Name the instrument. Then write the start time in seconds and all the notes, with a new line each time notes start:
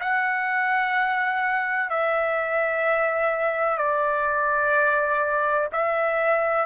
trumpet
0.00 F#5
1.90 E5
3.77 D5
5.72 E5